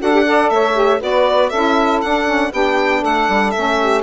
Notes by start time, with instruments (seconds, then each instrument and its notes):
0.00 bassoon D4, saxophone F#4 A4, violin F#5
0.12 saxophone G4
0.25 saxophone A4 D5
0.49 bassoon A3, saxophone C#5, violin E5
0.73 saxophone G4
0.99 bassoon B3, saxophone F#4 B4, violin D5
1.49 bassoon C#4, saxophone E4 A4, violin E5
2.01 bassoon D4, saxophone D4, violin F#5
2.26 saxophone C#4
2.50 bassoon B3, saxophone D4 G4, violin G5
3.00 bassoon A3, saxophone A4, violin F#5
3.28 bassoon G3
3.50 saxophone C#4, violin E5
3.57 bassoon A3
3.79 saxophone G4